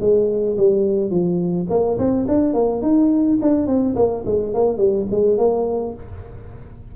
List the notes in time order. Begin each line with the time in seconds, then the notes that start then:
0.00 G#3
0.57 G3
1.10 F3
1.70 A#3
1.98 C4
2.28 D4
2.54 A#3
2.82 D#4
3.41 D4
3.67 C4
3.95 A#3
4.25 G#3
4.54 A#3
4.78 G3
5.10 G#3
5.37 A#3